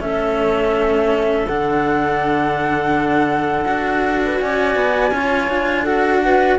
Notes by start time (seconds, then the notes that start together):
0.00 A3 C#4 A4 E5
1.47 D3 D4 F#5
3.66 D4 F#4
4.25 B4
4.41 C#4 D5 G#5
4.76 B3
5.12 C#4 F4 C#5
5.49 D4
5.83 F#4 A4 F#5
6.24 B4